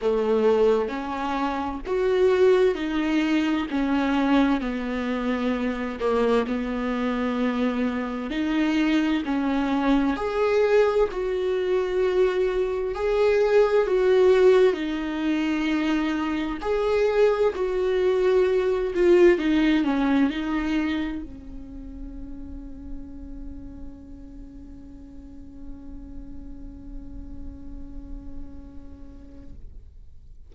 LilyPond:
\new Staff \with { instrumentName = "viola" } { \time 4/4 \tempo 4 = 65 a4 cis'4 fis'4 dis'4 | cis'4 b4. ais8 b4~ | b4 dis'4 cis'4 gis'4 | fis'2 gis'4 fis'4 |
dis'2 gis'4 fis'4~ | fis'8 f'8 dis'8 cis'8 dis'4 cis'4~ | cis'1~ | cis'1 | }